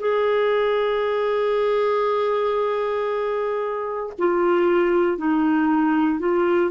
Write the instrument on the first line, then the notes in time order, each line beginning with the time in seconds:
clarinet
0.00 G#4
4.18 F4
5.18 D#4
6.19 F4